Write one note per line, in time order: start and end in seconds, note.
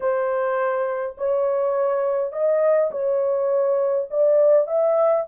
0.00 1.16 C5
1.17 2.32 C#5
2.32 2.90 D#5
2.91 4.08 C#5
4.10 4.67 D5
4.67 5.25 E5